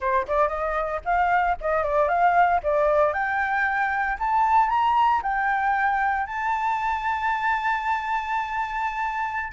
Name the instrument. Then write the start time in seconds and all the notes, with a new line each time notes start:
flute
0.00 C5
0.27 D5
0.48 D#5
1.04 F5
1.60 D#5
1.83 D5
2.08 F5
2.63 D5
3.13 G5
4.19 A5
4.69 A#5
5.22 G5
6.26 A5